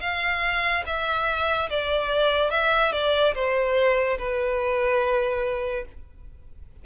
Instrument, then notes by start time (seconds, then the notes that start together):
violin
0.00 F5
0.86 E5
1.69 D5
2.50 E5
2.92 D5
3.34 C5
4.18 B4